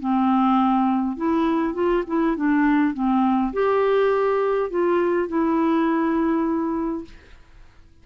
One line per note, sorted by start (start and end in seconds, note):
0.00 1.17 C4
1.17 1.74 E4
1.74 2.04 F4
2.07 2.37 E4
2.37 2.94 D4
2.94 3.53 C4
3.53 4.71 G4
4.71 5.28 F4
5.28 7.05 E4